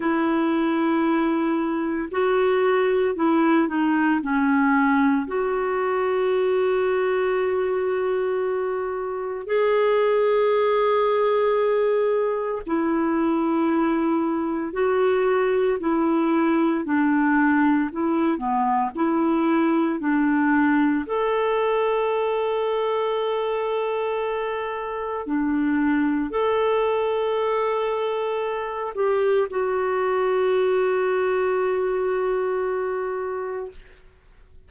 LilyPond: \new Staff \with { instrumentName = "clarinet" } { \time 4/4 \tempo 4 = 57 e'2 fis'4 e'8 dis'8 | cis'4 fis'2.~ | fis'4 gis'2. | e'2 fis'4 e'4 |
d'4 e'8 b8 e'4 d'4 | a'1 | d'4 a'2~ a'8 g'8 | fis'1 | }